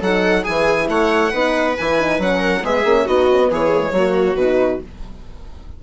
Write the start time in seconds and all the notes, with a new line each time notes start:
0.00 F#3 D#4 A4 F#5
0.43 E3 E4 G#4 G#5
0.88 A3 C#5 F#5
1.31 B3 D#4 B4
1.77 E3 E4 G#5
2.00 D#4
2.18 F#3 C#4 F#5
2.39 A#4
2.63 G#3 B3 G#4 E5
2.85 A#3 C#4
3.05 B3 D#4 F#4 D#5
3.30 C#4
3.38 B3
3.51 E3 G#4 C#5
3.75 A#3
3.81 G#3
3.92 F#3 A#3 F#4
4.35 B2 D#4 B4